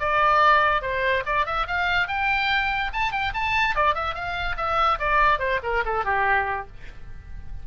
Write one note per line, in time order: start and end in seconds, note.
0.00 0.82 D5
0.82 1.23 C5
1.26 1.46 D5
1.46 1.66 E5
1.67 2.08 F5
2.08 2.91 G5
2.93 3.12 A5
3.12 3.32 G5
3.34 3.75 A5
3.75 3.95 D5
3.95 4.14 E5
4.14 4.56 F5
4.57 4.99 E5
4.99 5.39 D5
5.39 5.60 C5
5.63 5.84 A#4
5.85 6.04 A4
6.04 6.67 G4